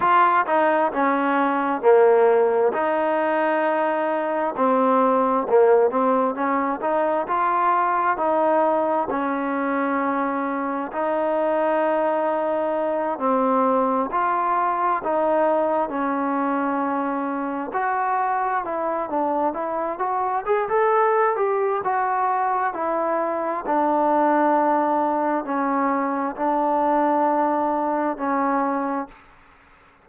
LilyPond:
\new Staff \with { instrumentName = "trombone" } { \time 4/4 \tempo 4 = 66 f'8 dis'8 cis'4 ais4 dis'4~ | dis'4 c'4 ais8 c'8 cis'8 dis'8 | f'4 dis'4 cis'2 | dis'2~ dis'8 c'4 f'8~ |
f'8 dis'4 cis'2 fis'8~ | fis'8 e'8 d'8 e'8 fis'8 gis'16 a'8. g'8 | fis'4 e'4 d'2 | cis'4 d'2 cis'4 | }